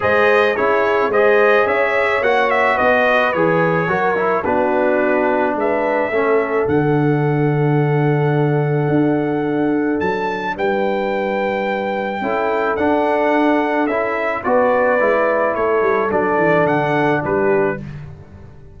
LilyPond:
<<
  \new Staff \with { instrumentName = "trumpet" } { \time 4/4 \tempo 4 = 108 dis''4 cis''4 dis''4 e''4 | fis''8 e''8 dis''4 cis''2 | b'2 e''2 | fis''1~ |
fis''2 a''4 g''4~ | g''2. fis''4~ | fis''4 e''4 d''2 | cis''4 d''4 fis''4 b'4 | }
  \new Staff \with { instrumentName = "horn" } { \time 4/4 c''4 gis'4 c''4 cis''4~ | cis''4 b'2 ais'4 | fis'2 b'4 a'4~ | a'1~ |
a'2. b'4~ | b'2 a'2~ | a'2 b'2 | a'2. g'4 | }
  \new Staff \with { instrumentName = "trombone" } { \time 4/4 gis'4 e'4 gis'2 | fis'2 gis'4 fis'8 e'8 | d'2. cis'4 | d'1~ |
d'1~ | d'2 e'4 d'4~ | d'4 e'4 fis'4 e'4~ | e'4 d'2. | }
  \new Staff \with { instrumentName = "tuba" } { \time 4/4 gis4 cis'4 gis4 cis'4 | ais4 b4 e4 fis4 | b2 gis4 a4 | d1 |
d'2 fis4 g4~ | g2 cis'4 d'4~ | d'4 cis'4 b4 gis4 | a8 g8 fis8 e8 d4 g4 | }
>>